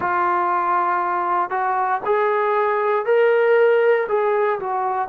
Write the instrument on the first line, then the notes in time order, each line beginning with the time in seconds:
trombone
0.00 F4
1.50 F#4
2.05 G#4
3.05 A#4
4.08 G#4
4.59 F#4